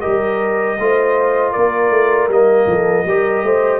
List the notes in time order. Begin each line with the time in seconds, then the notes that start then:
0.00 G4 A#4 D#5
0.06 G3
0.78 A3 F4 C5
1.52 A#3 A#4 D5
1.90 A3
2.28 G3 A#3 D#5
2.66 F3 A4
3.05 G3 G4 A#4
3.43 A3 C5